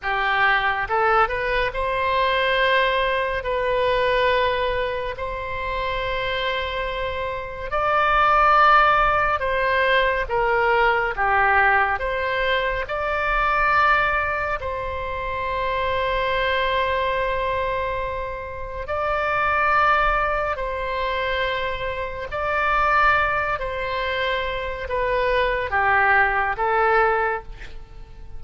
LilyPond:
\new Staff \with { instrumentName = "oboe" } { \time 4/4 \tempo 4 = 70 g'4 a'8 b'8 c''2 | b'2 c''2~ | c''4 d''2 c''4 | ais'4 g'4 c''4 d''4~ |
d''4 c''2.~ | c''2 d''2 | c''2 d''4. c''8~ | c''4 b'4 g'4 a'4 | }